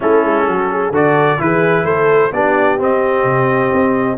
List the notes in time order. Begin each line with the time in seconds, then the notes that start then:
0.00 A3 C#4 E4 A4
0.24 G#3
0.47 F#3 F#4
0.71 G#4
0.91 D3 F#4 A4 D5
1.38 E3 E4 G#4 B4
1.84 A3 A4 C5
2.32 B3 D4 G4 D5
2.78 C4 D#5
3.24 C3
3.73 C4